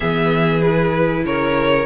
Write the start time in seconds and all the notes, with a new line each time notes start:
0.00 E3 B3 G#4 E5
0.61 E4 B4
1.24 C#3 A#4 C#5